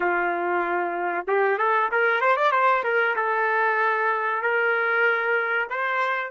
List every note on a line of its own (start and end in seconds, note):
0.00 1.25 F4
1.27 1.58 G4
1.58 1.89 A4
1.91 2.20 A#4
2.20 2.36 C5
2.36 2.51 D5
2.51 2.82 C5
2.83 3.15 A#4
3.16 4.42 A4
4.42 5.68 A#4
5.69 6.31 C5